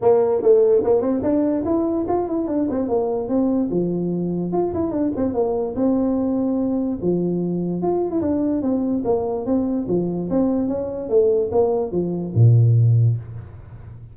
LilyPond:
\new Staff \with { instrumentName = "tuba" } { \time 4/4 \tempo 4 = 146 ais4 a4 ais8 c'8 d'4 | e'4 f'8 e'8 d'8 c'8 ais4 | c'4 f2 f'8 e'8 | d'8 c'8 ais4 c'2~ |
c'4 f2 f'8. e'16 | d'4 c'4 ais4 c'4 | f4 c'4 cis'4 a4 | ais4 f4 ais,2 | }